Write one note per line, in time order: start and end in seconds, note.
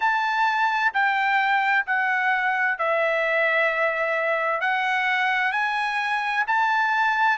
0.00 0.92 A5
0.93 1.85 G5
1.86 2.78 F#5
2.78 4.61 E5
4.61 5.52 F#5
5.52 6.44 G#5
6.47 7.37 A5